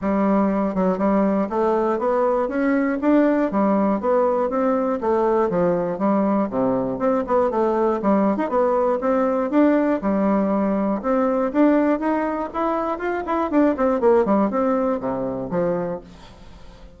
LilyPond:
\new Staff \with { instrumentName = "bassoon" } { \time 4/4 \tempo 4 = 120 g4. fis8 g4 a4 | b4 cis'4 d'4 g4 | b4 c'4 a4 f4 | g4 c4 c'8 b8 a4 |
g8. dis'16 b4 c'4 d'4 | g2 c'4 d'4 | dis'4 e'4 f'8 e'8 d'8 c'8 | ais8 g8 c'4 c4 f4 | }